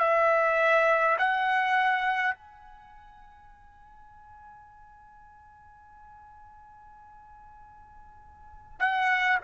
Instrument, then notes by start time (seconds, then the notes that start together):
trumpet
0.00 E5
1.19 F#5
2.35 G#5
8.80 F#5